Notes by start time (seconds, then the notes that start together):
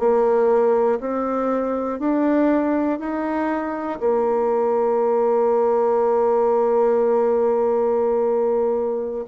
0.00 A#3
1.00 C4
2.00 D4
3.00 D#4
4.01 A#3